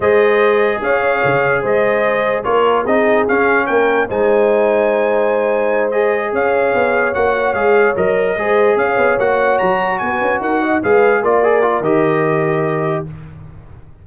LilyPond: <<
  \new Staff \with { instrumentName = "trumpet" } { \time 4/4 \tempo 4 = 147 dis''2 f''2 | dis''2 cis''4 dis''4 | f''4 g''4 gis''2~ | gis''2~ gis''8 dis''4 f''8~ |
f''4. fis''4 f''4 dis''8~ | dis''4. f''4 fis''4 ais''8~ | ais''8 gis''4 fis''4 f''4 d''8~ | d''4 dis''2. | }
  \new Staff \with { instrumentName = "horn" } { \time 4/4 c''2 cis''2 | c''2 ais'4 gis'4~ | gis'4 ais'4 c''2~ | c''2.~ c''8 cis''8~ |
cis''1~ | cis''8 c''4 cis''2~ cis''8~ | cis''8 b'4 ais'8 dis''8 b'4 ais'8~ | ais'1 | }
  \new Staff \with { instrumentName = "trombone" } { \time 4/4 gis'1~ | gis'2 f'4 dis'4 | cis'2 dis'2~ | dis'2~ dis'8 gis'4.~ |
gis'4. fis'4 gis'4 ais'8~ | ais'8 gis'2 fis'4.~ | fis'2~ fis'8 gis'4 f'8 | gis'8 f'8 g'2. | }
  \new Staff \with { instrumentName = "tuba" } { \time 4/4 gis2 cis'4 cis4 | gis2 ais4 c'4 | cis'4 ais4 gis2~ | gis2.~ gis8 cis'8~ |
cis'8 b4 ais4 gis4 fis8~ | fis8 gis4 cis'8 b8 ais4 fis8~ | fis8 b8 cis'8 dis'4 gis4 ais8~ | ais4 dis2. | }
>>